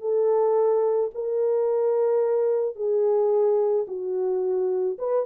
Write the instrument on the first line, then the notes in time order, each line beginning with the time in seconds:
horn
0.00 A4
1.14 A#4
2.75 G#4
3.87 F#4
4.98 B4